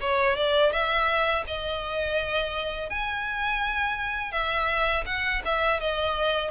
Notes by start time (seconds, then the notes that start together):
0.00 C#5
0.36 D5
0.72 E5
1.47 D#5
2.89 G#5
4.31 E5
5.06 F#5
5.44 E5
5.80 D#5